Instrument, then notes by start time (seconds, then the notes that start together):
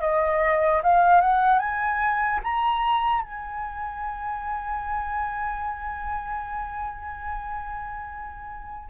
flute
0.00 D#5
0.83 F5
1.21 F#5
1.59 G#5
2.43 A#5
3.21 G#5